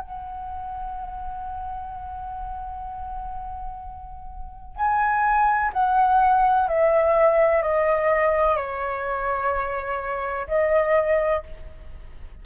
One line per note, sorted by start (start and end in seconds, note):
0.00 4.76 F#5
4.76 5.71 G#5
5.73 6.68 F#5
6.68 7.62 E5
7.62 8.56 D#5
8.56 10.47 C#5
10.48 11.43 D#5